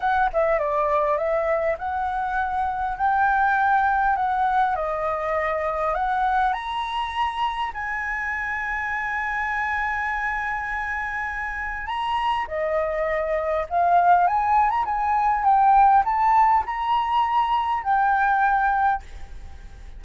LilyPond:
\new Staff \with { instrumentName = "flute" } { \time 4/4 \tempo 4 = 101 fis''8 e''8 d''4 e''4 fis''4~ | fis''4 g''2 fis''4 | dis''2 fis''4 ais''4~ | ais''4 gis''2.~ |
gis''1 | ais''4 dis''2 f''4 | gis''8. ais''16 gis''4 g''4 a''4 | ais''2 g''2 | }